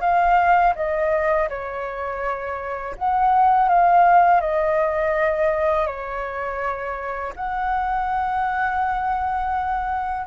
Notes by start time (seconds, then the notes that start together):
0.00 F5
0.75 D#5
1.49 C#5
2.97 F#5
3.68 F5
4.40 D#5
5.86 C#5
7.35 F#5